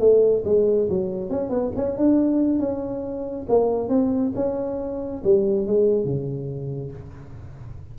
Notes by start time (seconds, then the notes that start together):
0.00 A3
0.45 G#3
0.90 F#3
1.30 C#4
1.50 B3
1.76 C#4
1.97 D4
2.60 C#4
3.49 A#3
3.89 C4
4.36 C#4
5.25 G3
5.67 G#3
6.05 C#3